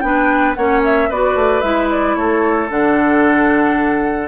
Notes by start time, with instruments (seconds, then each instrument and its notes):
0.00 bassoon B3, clarinet D4, oboe B4, flute G5
0.54 bassoon A#3, clarinet C#4, oboe C#5, flute F#5
0.84 flute E5
1.09 bassoon B3, clarinet F#4, oboe B4, flute D5
1.35 bassoon A3
1.60 bassoon G#3, clarinet E4, flute E5
1.91 flute D5
2.15 bassoon A3, oboe A4, flute C#5
2.69 bassoon D3, clarinet D4, flute F#5